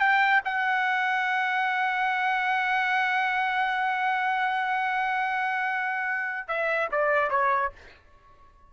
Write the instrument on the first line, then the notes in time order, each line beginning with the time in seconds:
trumpet
0.00 G5
0.45 F#5
6.48 E5
6.92 D5
7.30 C#5